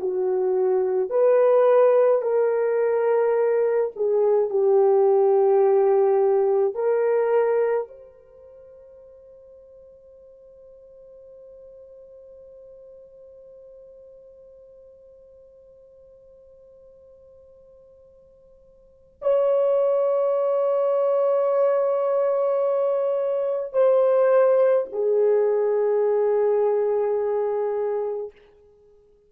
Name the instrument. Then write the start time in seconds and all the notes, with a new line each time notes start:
horn
0.00 F#4
1.10 B4
2.22 A#4
3.96 G#4
4.50 G4
6.75 A#4
7.88 C5
19.22 C#5
23.73 C5
24.92 G#4